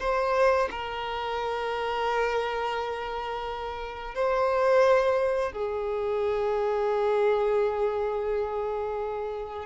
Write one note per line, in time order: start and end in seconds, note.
0.00 0.69 C5
0.71 4.15 A#4
4.15 5.52 C5
5.52 9.66 G#4